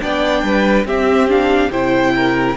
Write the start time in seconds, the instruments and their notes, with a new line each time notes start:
0.00 cello B3, viola D4, violin D5 G5
0.43 cello G3, violin B4
0.84 cello C4, viola C4, violin G4 E5
1.28 viola D4, violin F5
1.70 cello C3, viola E4, violin C5 G5
2.16 violin A#4